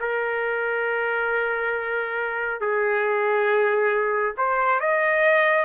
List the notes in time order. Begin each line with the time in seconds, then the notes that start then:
0.00 A#4
2.60 G#4
4.37 C5
4.80 D#5